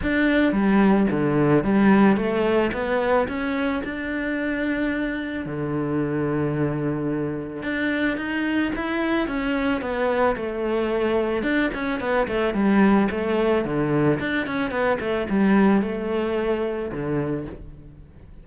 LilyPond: \new Staff \with { instrumentName = "cello" } { \time 4/4 \tempo 4 = 110 d'4 g4 d4 g4 | a4 b4 cis'4 d'4~ | d'2 d2~ | d2 d'4 dis'4 |
e'4 cis'4 b4 a4~ | a4 d'8 cis'8 b8 a8 g4 | a4 d4 d'8 cis'8 b8 a8 | g4 a2 d4 | }